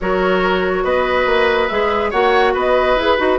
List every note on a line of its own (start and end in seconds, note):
0.00 0.84 F#3
0.00 1.70 F#4
0.00 0.83 A#4
0.00 0.84 C#5
0.83 1.25 B3
0.83 2.10 B4
0.83 1.68 D#5
1.25 1.68 A#3
1.68 2.12 G#3
1.68 2.12 G#4
1.68 2.10 E5
2.10 2.54 A#3
2.10 2.97 F#4
2.10 2.52 C#5
2.10 2.53 F#5
2.54 2.95 B3
2.54 3.39 B4
2.54 3.01 D#5
2.95 3.17 E4
2.95 3.18 G#4
2.95 3.39 B4
3.18 3.39 D#4
3.18 3.39 F#4